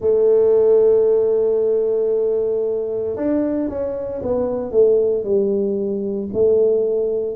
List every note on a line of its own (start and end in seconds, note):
0.00 3.16 A3
3.16 3.68 D4
3.68 4.21 C#4
4.22 4.71 B3
4.71 5.23 A3
5.23 6.29 G3
6.33 7.36 A3